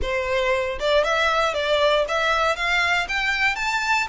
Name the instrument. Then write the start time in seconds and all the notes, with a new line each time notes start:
violin
0.02 C5
0.79 D5
1.03 E5
1.54 D5
2.08 E5
2.55 F5
3.08 G5
3.55 A5